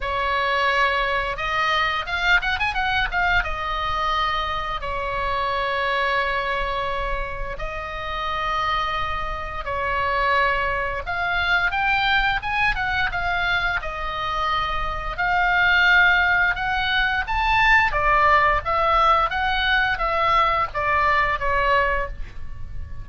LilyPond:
\new Staff \with { instrumentName = "oboe" } { \time 4/4 \tempo 4 = 87 cis''2 dis''4 f''8 fis''16 gis''16 | fis''8 f''8 dis''2 cis''4~ | cis''2. dis''4~ | dis''2 cis''2 |
f''4 g''4 gis''8 fis''8 f''4 | dis''2 f''2 | fis''4 a''4 d''4 e''4 | fis''4 e''4 d''4 cis''4 | }